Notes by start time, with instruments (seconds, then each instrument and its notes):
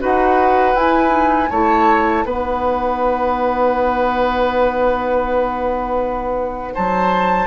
0.00 bassoon D#4, clarinet F#4, oboe B4, flute F#5
0.75 clarinet E4, bassoon E4, flute G#5
1.09 clarinet D#4
1.50 bassoon A3, clarinet E4, oboe C#5, flute A5
2.25 bassoon B3, clarinet D#4, oboe B4, flute F#5
6.74 bassoon F#3, oboe C5, flute A5